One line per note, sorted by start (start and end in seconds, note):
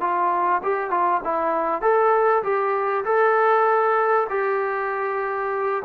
0.00 0.61 F4
0.62 0.90 G4
0.90 1.21 F4
1.24 1.81 E4
1.81 2.43 A4
2.43 3.04 G4
3.04 4.27 A4
4.29 5.82 G4